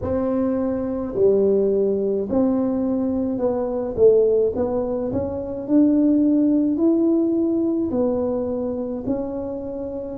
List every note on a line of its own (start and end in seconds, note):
0.01 1.14 C4
1.15 2.28 G3
2.29 3.38 C4
3.38 3.95 B3
3.96 4.53 A3
4.55 5.12 B3
5.12 5.67 C#4
5.67 6.77 D4
6.77 7.90 E4
7.90 9.04 B3
9.06 10.17 C#4